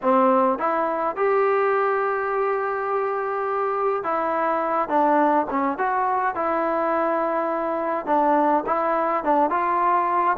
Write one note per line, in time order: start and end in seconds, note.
0.02 0.58 C4
0.58 1.16 E4
1.16 4.03 G4
4.03 4.89 E4
4.89 5.46 D4
5.50 5.77 C#4
5.77 6.35 F#4
6.35 8.06 E4
8.06 8.64 D4
8.66 9.24 E4
9.24 9.50 D4
9.50 10.36 F4